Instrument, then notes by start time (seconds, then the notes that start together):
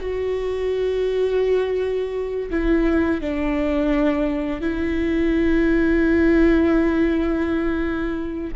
viola
0.00 F#4
2.50 E4
3.21 D4
4.61 E4